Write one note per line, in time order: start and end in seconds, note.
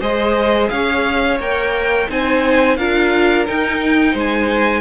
0.00 0.70 G#3
0.00 1.38 G#4
0.00 0.69 C5
0.00 0.69 D#5
0.69 1.39 C#4
0.69 2.09 C#5
0.69 1.38 F5
1.39 2.08 A#3
1.39 2.08 A#4
1.39 2.09 G5
2.08 2.77 C4
2.08 2.77 D#4
2.08 2.77 C5
2.08 2.76 G#5
2.76 3.46 D4
2.76 3.46 F4
2.76 4.12 A#4
2.76 3.45 F5
3.46 4.81 D#4
3.46 4.14 D#4
3.46 4.16 G5
4.12 4.81 G#3
4.12 4.81 C5
4.19 4.81 G#5